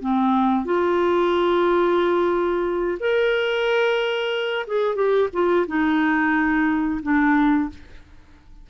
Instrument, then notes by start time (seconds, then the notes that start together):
clarinet
0.00 C4
0.65 F4
2.99 A#4
4.66 G#4
4.95 G4
5.33 F4
5.67 D#4
7.02 D4